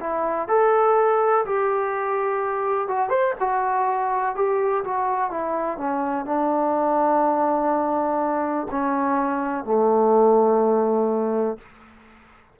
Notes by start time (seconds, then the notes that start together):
0.00 E4
0.48 A4
1.45 G4
2.88 F#4
3.09 C5
3.40 F#4
4.35 G4
4.84 F#4
5.30 E4
5.78 C#4
6.25 D4
8.71 C#4
9.64 A3